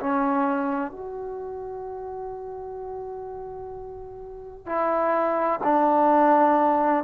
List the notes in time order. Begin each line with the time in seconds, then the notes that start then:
0.00 C#4
0.91 F#4
4.66 E4
5.64 D4